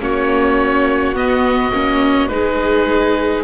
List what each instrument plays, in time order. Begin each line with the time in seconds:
0.00 double bass A#3, viola C#4, violin F#4, oboe C#5
1.14 double bass B3, viola B3, oboe D#5
1.73 double bass A#3, viola C#4
2.28 double bass G#3, viola D#4, violin G#4, oboe B4